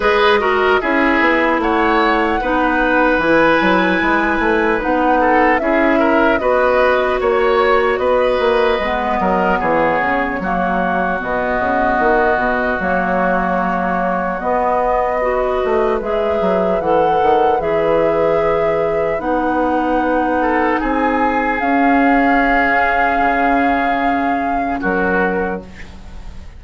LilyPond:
<<
  \new Staff \with { instrumentName = "flute" } { \time 4/4 \tempo 4 = 75 dis''4 e''4 fis''2 | gis''2 fis''4 e''4 | dis''4 cis''4 dis''2 | cis''2 dis''2 |
cis''2 dis''2 | e''4 fis''4 e''2 | fis''2 gis''4 f''4~ | f''2. ais'4 | }
  \new Staff \with { instrumentName = "oboe" } { \time 4/4 b'8 ais'8 gis'4 cis''4 b'4~ | b'2~ b'8 a'8 gis'8 ais'8 | b'4 cis''4 b'4. ais'8 | gis'4 fis'2.~ |
fis'2. b'4~ | b'1~ | b'4. a'8 gis'2~ | gis'2. fis'4 | }
  \new Staff \with { instrumentName = "clarinet" } { \time 4/4 gis'8 fis'8 e'2 dis'4 | e'2 dis'4 e'4 | fis'2. b4~ | b4 ais4 b2 |
ais2 b4 fis'4 | gis'4 a'4 gis'2 | dis'2. cis'4~ | cis'1 | }
  \new Staff \with { instrumentName = "bassoon" } { \time 4/4 gis4 cis'8 b8 a4 b4 | e8 fis8 gis8 a8 b4 cis'4 | b4 ais4 b8 ais8 gis8 fis8 | e8 cis8 fis4 b,8 cis8 dis8 b,8 |
fis2 b4. a8 | gis8 fis8 e8 dis8 e2 | b2 c'4 cis'4~ | cis'4 cis2 fis4 | }
>>